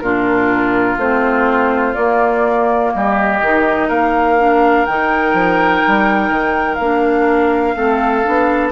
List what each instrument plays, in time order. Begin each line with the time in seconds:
0.00 bassoon A#2, clarinet D4, oboe F4, flute A#4
0.97 bassoon A3, clarinet C4, flute C5
1.94 clarinet A#3, bassoon A#3, flute D5
2.93 bassoon G3, oboe G4, flute D#5
3.41 bassoon D#3, clarinet D#4
3.88 bassoon A#3, oboe A#4, flute F5
4.38 clarinet D4
4.86 bassoon D#3, clarinet D#4, flute G5
5.33 bassoon F3
5.87 bassoon G3
6.30 bassoon D#3
6.75 bassoon A#3, flute F5
6.82 clarinet D4
7.76 bassoon A3, clarinet C4, oboe A4
8.24 bassoon B3, clarinet D4